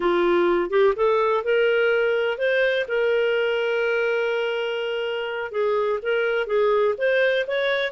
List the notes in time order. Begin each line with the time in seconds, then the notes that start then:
0.00 F4
0.70 G4
0.96 A4
1.44 A#4
2.38 C5
2.88 A#4
5.51 G#4
6.02 A#4
6.46 G#4
6.97 C5
7.47 C#5